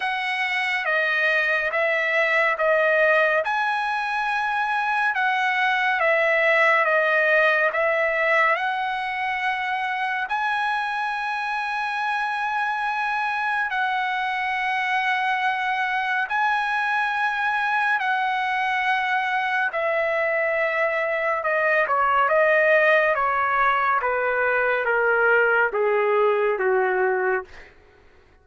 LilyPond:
\new Staff \with { instrumentName = "trumpet" } { \time 4/4 \tempo 4 = 70 fis''4 dis''4 e''4 dis''4 | gis''2 fis''4 e''4 | dis''4 e''4 fis''2 | gis''1 |
fis''2. gis''4~ | gis''4 fis''2 e''4~ | e''4 dis''8 cis''8 dis''4 cis''4 | b'4 ais'4 gis'4 fis'4 | }